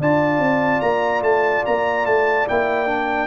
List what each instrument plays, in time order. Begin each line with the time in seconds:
0.00 tuba D4, trombone F4, horn D5, trumpet A5
0.38 tuba C4
0.80 tuba A#3, trumpet A#5
1.21 tuba A3, trumpet A5
1.65 tuba A#3, trumpet A#5
2.06 tuba A3, trumpet A5
2.46 tuba A#3, trombone E4, trumpet G5
2.86 trombone D4